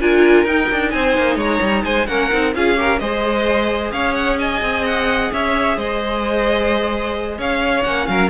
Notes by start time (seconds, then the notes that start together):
0.00 D4 F4 A#4 G#5
0.44 D#4 G5
0.71 D4
0.90 C4 C5 G#5
1.17 A#3
1.36 G#3 C#5 A#5
1.61 G3
1.84 G#3 C5 G#5
2.06 A#3 C#4 A#4 F#5
2.32 C4 D#4
2.55 C#4 F4 G#4 F5
2.76 G4 A#4
2.99 G#3 G#4 C5 D#5
3.92 C#4 C#5 F5
4.14 F#5
4.38 D#5 G#5
4.61 C4
4.86 F#5
5.32 C#4 C#5 E5
5.77 G#3 C5 D#5
7.38 C#4 C#5 F5
7.83 A#3 C#4 F#5
8.07 F#3 A#4 F5